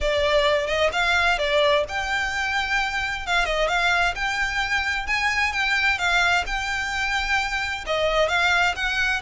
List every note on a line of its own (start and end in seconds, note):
0.00 0.67 D5
0.67 0.90 D#5
0.92 1.38 F5
1.38 1.84 D5
1.88 3.26 G5
3.26 3.45 F5
3.45 3.68 D#5
3.68 4.14 F5
4.15 5.06 G5
5.06 5.52 G#5
5.52 5.98 G5
5.98 6.44 F5
6.46 7.84 G5
7.86 8.28 D#5
8.28 8.74 F5
8.75 9.21 F#5